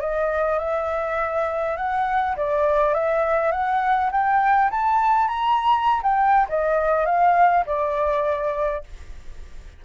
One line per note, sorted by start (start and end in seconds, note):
0.00 0.59 D#5
0.59 1.76 E5
1.76 2.35 F#5
2.36 2.94 D5
2.94 3.51 E5
3.51 4.10 F#5
4.11 4.70 G5
4.70 5.28 A5
5.28 6.01 A#5
6.03 6.47 G5
6.48 7.05 D#5
7.05 7.64 F5
7.66 8.83 D5